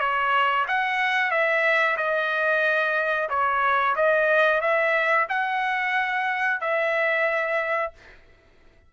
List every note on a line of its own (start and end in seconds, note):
0.00 0.66 C#5
0.68 1.31 F#5
1.31 1.97 E5
1.98 3.29 D#5
3.30 3.96 C#5
3.96 4.61 D#5
4.61 5.27 E5
5.29 6.61 F#5
6.61 7.93 E5